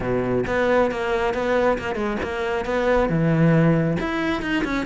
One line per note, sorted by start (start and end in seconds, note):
0.00 0.44 B2
0.47 0.91 B3
0.91 1.34 A#3
1.34 1.78 B3
1.78 1.95 A#3
1.95 2.17 G#3
2.22 2.65 A#3
2.65 3.09 B3
3.09 3.97 E3
4.00 4.41 E4
4.41 4.63 D#4
4.64 4.85 C#4